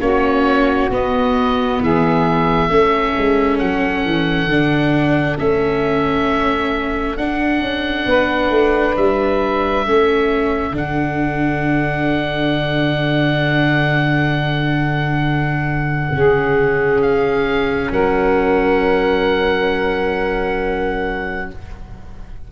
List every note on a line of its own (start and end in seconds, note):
0.00 0.90 A#3
0.00 0.90 C#4
0.00 1.81 F#4
0.00 0.90 C#5
0.90 1.80 B3
0.90 2.70 B3
0.90 1.83 D#5
1.80 2.69 E3
1.80 2.69 G#4
1.80 3.58 E5
2.69 3.13 A3
2.69 4.49 C#4
2.69 8.06 A4
3.18 3.61 G#3
3.58 4.05 F#3
3.58 5.37 F#5
4.05 4.46 E3
4.46 5.36 D3
4.46 5.38 D4
5.38 7.17 A3
5.38 7.17 C#4
5.38 7.17 E5
7.17 7.60 D4
7.17 9.86 D4
7.17 8.96 F#5
7.60 8.05 C#4
8.06 8.50 B3
8.06 9.86 B4
8.50 8.95 A3
8.97 9.86 G3
8.97 10.76 E5
9.86 10.71 A3
9.86 10.73 C#4
9.86 16.13 A4
10.71 16.09 D3
10.71 16.11 D4
10.71 17.02 F#5
16.11 17.90 C#3
16.11 21.52 C#4
16.11 17.91 G#4
17.02 17.91 F5
17.91 21.50 F#3
17.91 21.50 A#4
17.91 21.51 F#5